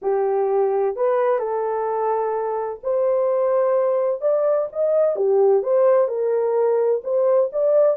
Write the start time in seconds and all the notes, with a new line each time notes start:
0.02 G4
0.95 B4
1.38 A4
2.83 C5
4.21 D5
4.72 D#5
5.16 G4
5.62 C5
6.07 A#4
7.03 C5
7.52 D5